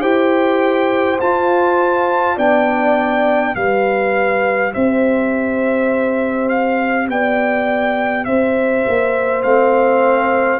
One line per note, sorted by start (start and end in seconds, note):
0.00 1.19 E4
0.00 1.19 G4
0.00 2.35 C5
0.00 1.19 G5
1.20 2.37 F4
1.20 2.37 A5
2.35 3.54 B3
2.35 3.55 D4
2.35 3.53 D5
2.35 3.55 G5
3.55 4.73 G3
3.55 9.43 G4
3.55 4.73 B4
3.55 4.72 F5
4.73 7.08 C4
4.73 7.09 C5
4.73 6.49 E5
6.49 7.07 F5
7.08 8.25 B3
7.08 8.27 D5
7.08 8.24 G5
8.24 8.84 C4
8.24 10.60 C5
8.24 9.42 E5
8.87 9.43 A#3
9.42 10.60 A3
9.42 10.60 C4
9.42 10.60 F5